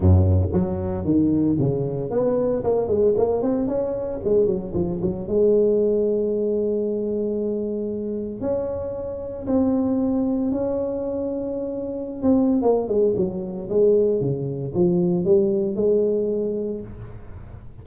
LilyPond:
\new Staff \with { instrumentName = "tuba" } { \time 4/4 \tempo 4 = 114 fis,4 fis4 dis4 cis4 | b4 ais8 gis8 ais8 c'8 cis'4 | gis8 fis8 f8 fis8 gis2~ | gis1 |
cis'2 c'2 | cis'2.~ cis'16 c'8. | ais8 gis8 fis4 gis4 cis4 | f4 g4 gis2 | }